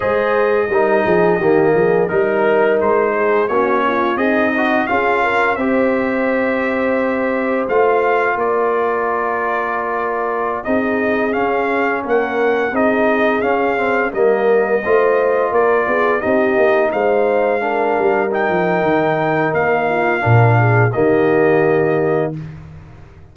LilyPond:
<<
  \new Staff \with { instrumentName = "trumpet" } { \time 4/4 \tempo 4 = 86 dis''2. ais'4 | c''4 cis''4 dis''4 f''4 | e''2. f''4 | d''2.~ d''16 dis''8.~ |
dis''16 f''4 fis''4 dis''4 f''8.~ | f''16 dis''2 d''4 dis''8.~ | dis''16 f''2 g''4.~ g''16 | f''2 dis''2 | }
  \new Staff \with { instrumentName = "horn" } { \time 4/4 c''4 ais'8 gis'8 g'8 gis'8 ais'4~ | ais'8 gis'8 fis'8 f'8 dis'4 gis'8 ais'8 | c''1 | ais'2.~ ais'16 gis'8.~ |
gis'4~ gis'16 ais'4 gis'4.~ gis'16~ | gis'16 ais'4 c''4 ais'8 gis'8 g'8.~ | g'16 c''4 ais'2~ ais'8.~ | ais'8 f'8 ais'8 gis'8 g'2 | }
  \new Staff \with { instrumentName = "trombone" } { \time 4/4 gis'4 dis'4 ais4 dis'4~ | dis'4 cis'4 gis'8 fis'8 f'4 | g'2. f'4~ | f'2.~ f'16 dis'8.~ |
dis'16 cis'2 dis'4 cis'8 c'16~ | c'16 ais4 f'2 dis'8.~ | dis'4~ dis'16 d'4 dis'4.~ dis'16~ | dis'4 d'4 ais2 | }
  \new Staff \with { instrumentName = "tuba" } { \time 4/4 gis4 g8 f8 dis8 f8 g4 | gis4 ais4 c'4 cis'4 | c'2. a4 | ais2.~ ais16 c'8.~ |
c'16 cis'4 ais4 c'4 cis'8.~ | cis'16 g4 a4 ais8 b8 c'8 ais16~ | ais16 gis4. g8. f8 dis4 | ais4 ais,4 dis2 | }
>>